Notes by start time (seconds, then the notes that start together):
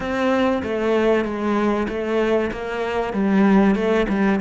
0.00 C4
0.63 A3
1.24 G#3
1.88 A3
2.51 A#3
3.12 G3
3.75 A3
4.08 G3